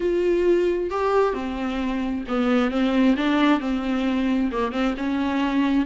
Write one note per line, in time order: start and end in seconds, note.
0.00 0.90 F4
0.90 1.33 G4
1.33 2.23 C4
2.27 2.70 B3
2.70 3.15 C4
3.16 3.60 D4
3.60 4.50 C4
4.51 4.72 A#3
4.72 4.94 C4
4.97 5.85 C#4